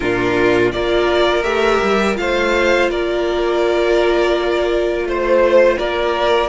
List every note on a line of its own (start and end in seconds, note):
0.00 0.73 A#2
0.00 0.73 D4
0.00 0.72 F4
0.00 0.71 A#4
0.71 1.43 A#3
0.71 1.43 F4
0.71 2.19 A#4
0.71 1.43 D5
1.43 1.79 A3
1.43 2.15 G4
1.43 2.15 E5
1.82 2.18 G3
2.15 2.89 A3
2.15 6.49 F4
2.15 2.90 C5
2.15 2.89 F5
2.89 5.04 A#3
2.89 5.07 A#4
2.89 5.07 D5
5.04 5.76 A3
5.04 5.78 C5
5.78 6.49 A#3
5.78 6.49 A#4
5.78 6.49 D5